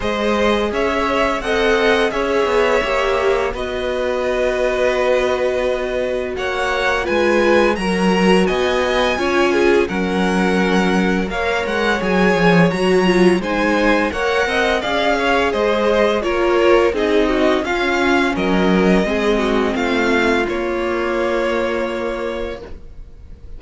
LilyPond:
<<
  \new Staff \with { instrumentName = "violin" } { \time 4/4 \tempo 4 = 85 dis''4 e''4 fis''4 e''4~ | e''4 dis''2.~ | dis''4 fis''4 gis''4 ais''4 | gis''2 fis''2 |
f''8 fis''8 gis''4 ais''4 gis''4 | fis''4 f''4 dis''4 cis''4 | dis''4 f''4 dis''2 | f''4 cis''2. | }
  \new Staff \with { instrumentName = "violin" } { \time 4/4 c''4 cis''4 dis''4 cis''4~ | cis''4 b'2.~ | b'4 cis''4 b'4 ais'4 | dis''4 cis''8 gis'8 ais'2 |
cis''2. c''4 | cis''8 dis''8 d''8 cis''8 c''4 ais'4 | gis'8 fis'8 f'4 ais'4 gis'8 fis'8 | f'1 | }
  \new Staff \with { instrumentName = "viola" } { \time 4/4 gis'2 a'4 gis'4 | g'4 fis'2.~ | fis'2 f'4 fis'4~ | fis'4 f'4 cis'2 |
ais'4 gis'4 fis'8 f'8 dis'4 | ais'4 gis'2 f'4 | dis'4 cis'2 c'4~ | c'4 ais2. | }
  \new Staff \with { instrumentName = "cello" } { \time 4/4 gis4 cis'4 c'4 cis'8 b8 | ais4 b2.~ | b4 ais4 gis4 fis4 | b4 cis'4 fis2 |
ais8 gis8 fis8 f8 fis4 gis4 | ais8 c'8 cis'4 gis4 ais4 | c'4 cis'4 fis4 gis4 | a4 ais2. | }
>>